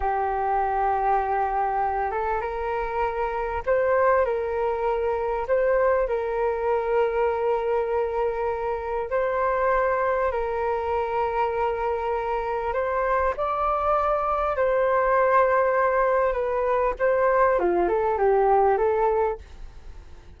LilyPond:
\new Staff \with { instrumentName = "flute" } { \time 4/4 \tempo 4 = 99 g'2.~ g'8 a'8 | ais'2 c''4 ais'4~ | ais'4 c''4 ais'2~ | ais'2. c''4~ |
c''4 ais'2.~ | ais'4 c''4 d''2 | c''2. b'4 | c''4 f'8 a'8 g'4 a'4 | }